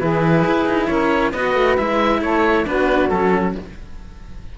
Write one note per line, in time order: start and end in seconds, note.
0.00 0.45 E3
0.00 1.33 E4
0.00 0.89 G#4
0.00 0.87 B4
0.46 0.66 E4
0.66 0.88 D#4
0.87 1.34 C#4
0.87 1.32 A#4
0.87 1.32 C#5
1.32 1.55 B3
1.32 1.78 F#4
1.32 2.21 B4
1.32 1.77 D#5
1.55 1.77 A3
1.77 2.22 G#3
1.77 2.65 E4
1.77 2.22 E5
2.21 2.66 A3
2.21 2.66 A4
2.21 2.66 C#5
2.65 3.11 B3
2.65 3.09 D4
2.65 3.57 F#4
2.65 3.09 B4
3.09 3.55 F#3
3.09 3.58 C#4
3.09 3.54 A4